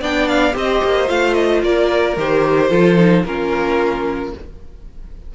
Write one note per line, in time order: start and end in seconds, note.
0.00 0.54 B3
0.00 0.53 D4
0.00 0.54 D5
0.00 0.28 G5
0.28 0.55 F5
0.53 0.81 C4
0.53 1.07 G4
0.53 1.64 C5
0.53 1.09 D#5
0.84 1.09 A#3
1.08 1.63 A3
1.08 2.16 F4
1.08 1.34 F5
1.34 1.61 D#5
1.63 2.16 A#3
1.63 2.69 A#4
1.63 2.18 D5
2.16 2.70 D#3
2.16 2.70 G4
2.16 3.25 C5
2.69 3.24 F3
2.69 2.97 F4
2.69 3.23 A4
2.97 3.24 D#4
3.25 4.33 A#3
3.25 4.35 C#4
3.25 4.35 F4
3.25 4.33 A#4